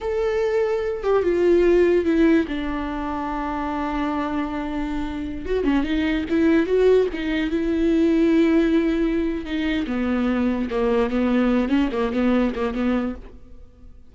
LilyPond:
\new Staff \with { instrumentName = "viola" } { \time 4/4 \tempo 4 = 146 a'2~ a'8 g'8 f'4~ | f'4 e'4 d'2~ | d'1~ | d'4~ d'16 fis'8 cis'8 dis'4 e'8.~ |
e'16 fis'4 dis'4 e'4.~ e'16~ | e'2. dis'4 | b2 ais4 b4~ | b8 cis'8 ais8 b4 ais8 b4 | }